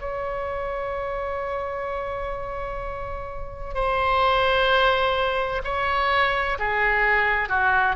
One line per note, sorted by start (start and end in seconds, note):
0.00 3.74 C#5
3.74 5.62 C5
5.64 6.58 C#5
6.58 7.48 G#4
7.48 7.95 F#4